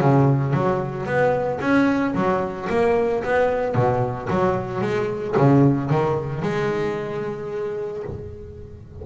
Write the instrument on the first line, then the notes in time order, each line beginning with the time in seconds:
double bass
0.00 C#3
0.53 F#3
1.05 B3
1.60 C#4
2.14 F#3
2.69 A#3
3.23 B3
3.75 B2
4.30 F#3
4.81 G#3
5.37 C#3
5.90 D#3
6.42 G#3